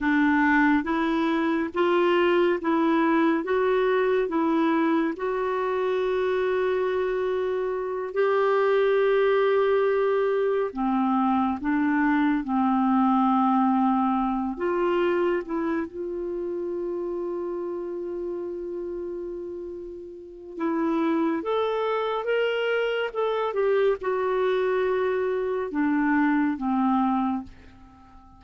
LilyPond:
\new Staff \with { instrumentName = "clarinet" } { \time 4/4 \tempo 4 = 70 d'4 e'4 f'4 e'4 | fis'4 e'4 fis'2~ | fis'4. g'2~ g'8~ | g'8 c'4 d'4 c'4.~ |
c'4 f'4 e'8 f'4.~ | f'1 | e'4 a'4 ais'4 a'8 g'8 | fis'2 d'4 c'4 | }